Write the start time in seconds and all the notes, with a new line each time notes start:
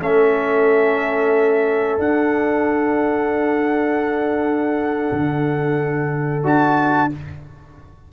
0.00 A3 C#4 A4 E5
1.98 D4 F#5
5.12 D3
6.43 D4 F#4 A5